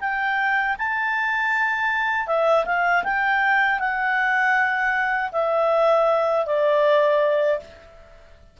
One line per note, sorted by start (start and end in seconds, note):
0.00 0.76 G5
0.78 2.27 A5
2.27 2.65 E5
2.65 3.03 F5
3.03 3.79 G5
3.79 5.31 F#5
5.32 6.46 E5
6.46 7.59 D5